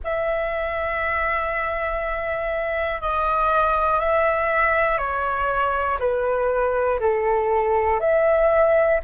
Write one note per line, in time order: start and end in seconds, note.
0.04 3.01 E5
3.01 4.00 D#5
4.00 4.97 E5
4.97 5.97 C#5
5.99 6.99 B4
7.00 8.00 A4
8.00 9.00 E5